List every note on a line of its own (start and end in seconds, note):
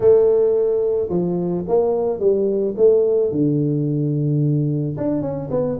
0.00 1.08 A3
1.09 1.64 F3
1.68 2.19 A#3
2.19 2.74 G3
2.76 3.31 A3
3.31 4.96 D3
4.97 5.21 D4
5.21 5.49 C#4
5.50 5.78 B3